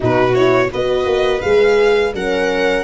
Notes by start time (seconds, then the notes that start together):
0.00 B2 D#4 F#4 B4
0.34 E4 C#5
0.71 B3 F#4 B4 D#5
1.05 A#3
1.41 G#3 G#4 F5
2.13 F#3 C#4 A#4 F#5